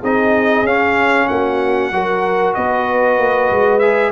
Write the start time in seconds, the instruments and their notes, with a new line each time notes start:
0.00 tuba C4, trombone D#4, horn G#4, trumpet D#5
0.63 tuba C#4, trombone C#4, trumpet F5
1.28 tuba A#3, horn F#4, trumpet F#5
1.91 tuba F#3, trombone F#4, horn A#4
2.55 tuba B3, horn B4, trumpet D#5
3.19 tuba A#3
3.51 tuba G#3
3.79 trombone G#4, trumpet E5